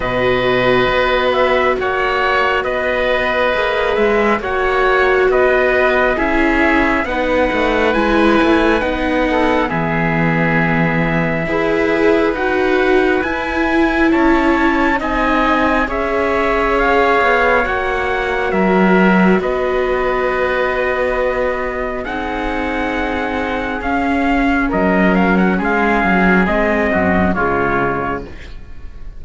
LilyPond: <<
  \new Staff \with { instrumentName = "trumpet" } { \time 4/4 \tempo 4 = 68 dis''4. e''8 fis''4 dis''4~ | dis''8 e''8 fis''4 dis''4 e''4 | fis''4 gis''4 fis''4 e''4~ | e''2 fis''4 gis''4 |
a''4 gis''4 e''4 f''4 | fis''4 e''4 dis''2~ | dis''4 fis''2 f''4 | dis''8 f''16 fis''16 f''4 dis''4 cis''4 | }
  \new Staff \with { instrumentName = "oboe" } { \time 4/4 b'2 cis''4 b'4~ | b'4 cis''4 b'4 gis'4 | b'2~ b'8 a'8 gis'4~ | gis'4 b'2. |
cis''4 dis''4 cis''2~ | cis''4 ais'4 b'2~ | b'4 gis'2. | ais'4 gis'4. fis'8 f'4 | }
  \new Staff \with { instrumentName = "viola" } { \time 4/4 fis'1 | gis'4 fis'2 e'4 | dis'4 e'4 dis'4 b4~ | b4 gis'4 fis'4 e'4~ |
e'4 dis'4 gis'2 | fis'1~ | fis'4 dis'2 cis'4~ | cis'2 c'4 gis4 | }
  \new Staff \with { instrumentName = "cello" } { \time 4/4 b,4 b4 ais4 b4 | ais8 gis8 ais4 b4 cis'4 | b8 a8 gis8 a8 b4 e4~ | e4 e'4 dis'4 e'4 |
cis'4 c'4 cis'4. b8 | ais4 fis4 b2~ | b4 c'2 cis'4 | fis4 gis8 fis8 gis8 fis,8 cis4 | }
>>